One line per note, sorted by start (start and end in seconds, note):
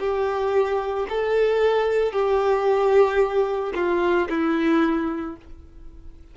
0.00 1.07 G4
1.10 2.12 A4
2.12 3.73 G4
3.75 4.29 F4
4.30 5.37 E4